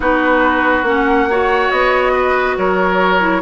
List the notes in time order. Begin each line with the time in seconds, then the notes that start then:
0.00 B3 D#4 F#4 B4
0.82 A#3 C#4 F#5
1.29 F#4 C#5
1.71 B3 D#5
2.12 B4
2.57 F#3 A#4 C#5
3.20 E4